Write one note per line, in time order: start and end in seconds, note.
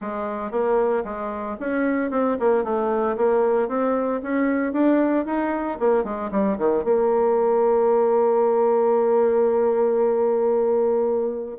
0.01 0.51 G#3
0.51 1.04 A#3
1.04 1.56 G#3
1.59 2.11 C#4
2.11 2.37 C4
2.39 2.63 A#3
2.63 3.16 A3
3.16 3.68 A#3
3.68 4.21 C4
4.22 4.72 C#4
4.72 5.25 D4
5.25 5.78 D#4
5.79 6.04 A#3
6.04 6.30 G#3
6.31 6.57 G3
6.58 6.83 D#3
6.83 11.57 A#3